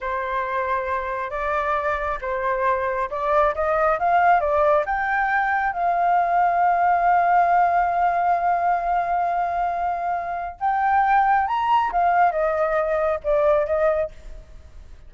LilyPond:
\new Staff \with { instrumentName = "flute" } { \time 4/4 \tempo 4 = 136 c''2. d''4~ | d''4 c''2 d''4 | dis''4 f''4 d''4 g''4~ | g''4 f''2.~ |
f''1~ | f''1 | g''2 ais''4 f''4 | dis''2 d''4 dis''4 | }